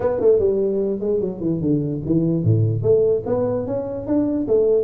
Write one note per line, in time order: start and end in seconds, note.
0.00 0.20 B3
0.20 0.39 A3
0.39 1.00 G3
1.00 1.20 G#3
1.20 1.40 F#3
1.40 1.60 E3
1.60 2.01 D3
2.05 2.43 E3
2.43 2.82 A2
2.82 3.23 A3
3.25 3.66 B3
3.66 4.07 C#4
4.07 4.47 D4
4.47 4.84 A3